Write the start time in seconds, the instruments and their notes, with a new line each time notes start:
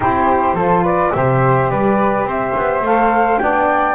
0.00 double bass C4, saxophone E4, flute G4 C5
0.54 double bass F3, saxophone F4, flute A4
0.83 flute B4 D5
1.12 double bass C3, saxophone G4, flute C5 E5
1.70 double bass G3, flute B4 D5
2.24 double bass C4, flute C5 E5
2.56 double bass B3
2.81 double bass A3, saxophone A4, flute F5
3.38 double bass B3, saxophone D4, flute D5 G5